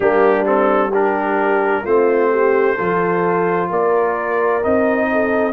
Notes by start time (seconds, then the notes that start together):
0.00 G3 A#3 D4 G4
0.45 C4 A4
0.90 D4 G4 A#4
1.84 A3 C4 F4 C5
2.31 G4
2.75 F3 F4 A4
3.69 A#3 A#4 D5
4.62 C4 D#4 D#5
5.11 A4